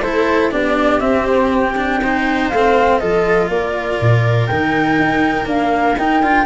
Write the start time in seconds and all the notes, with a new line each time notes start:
0.00 A3 E4 A4 C5
0.51 B3 D4 G4 D5
1.00 C4 E5
1.25 C5
1.52 G5
1.76 D4
2.02 D#4 C5
2.49 A3 C4 F5
2.99 F3 F4 A4 D#5
3.49 A#3 A#4 D5
4.00 A#2
4.46 D#3 D#4 G5
4.99 D#4
5.45 A#3 D4 F5
5.97 D#4 G5
6.21 D4 F4